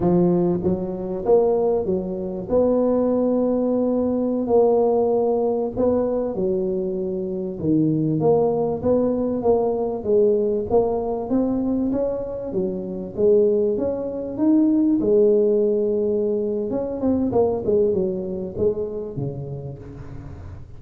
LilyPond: \new Staff \with { instrumentName = "tuba" } { \time 4/4 \tempo 4 = 97 f4 fis4 ais4 fis4 | b2.~ b16 ais8.~ | ais4~ ais16 b4 fis4.~ fis16~ | fis16 dis4 ais4 b4 ais8.~ |
ais16 gis4 ais4 c'4 cis'8.~ | cis'16 fis4 gis4 cis'4 dis'8.~ | dis'16 gis2~ gis8. cis'8 c'8 | ais8 gis8 fis4 gis4 cis4 | }